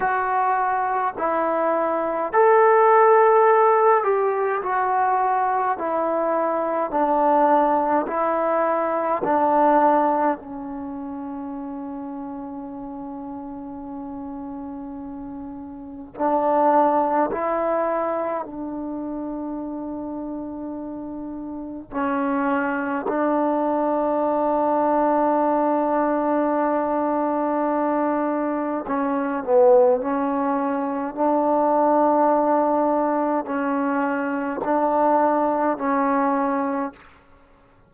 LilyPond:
\new Staff \with { instrumentName = "trombone" } { \time 4/4 \tempo 4 = 52 fis'4 e'4 a'4. g'8 | fis'4 e'4 d'4 e'4 | d'4 cis'2.~ | cis'2 d'4 e'4 |
d'2. cis'4 | d'1~ | d'4 cis'8 b8 cis'4 d'4~ | d'4 cis'4 d'4 cis'4 | }